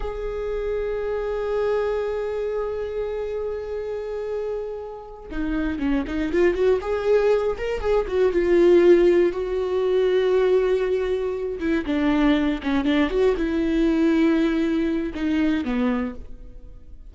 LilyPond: \new Staff \with { instrumentName = "viola" } { \time 4/4 \tempo 4 = 119 gis'1~ | gis'1~ | gis'2~ gis'8 dis'4 cis'8 | dis'8 f'8 fis'8 gis'4. ais'8 gis'8 |
fis'8 f'2 fis'4.~ | fis'2. e'8 d'8~ | d'4 cis'8 d'8 fis'8 e'4.~ | e'2 dis'4 b4 | }